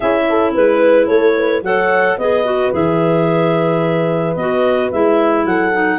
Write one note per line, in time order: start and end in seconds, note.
0.00 0.56 C#4
0.00 1.64 E4
0.00 0.24 G#4
0.00 0.53 E5
0.29 0.54 A4
0.54 1.09 G#3
0.54 1.07 B4
1.07 1.62 A3
1.07 1.34 A4
1.07 1.61 C#5
1.36 1.63 B4
1.62 2.17 F#3
1.62 2.18 A4
1.62 2.20 C#5
1.62 2.18 F#5
2.17 2.72 B3
2.17 2.45 G#4
2.17 5.46 B4
2.17 2.72 D#5
2.45 2.72 F#4
2.72 4.36 E3
2.72 4.35 G#4
2.72 4.35 E5
4.35 4.90 B3
4.35 4.91 F#4
4.35 4.90 D#5
4.91 5.45 G#3
4.91 5.72 E4
4.91 5.45 E5
5.45 5.98 F#3
5.45 5.98 A4
5.45 5.98 F#5
5.72 5.98 D#4